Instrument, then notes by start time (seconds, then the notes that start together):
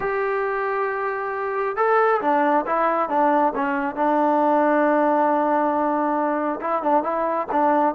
trombone
0.00 G4
1.76 A4
2.21 D4
2.66 E4
3.09 D4
3.55 C#4
3.95 D4
6.60 E4
6.82 D4
7.03 E4
7.51 D4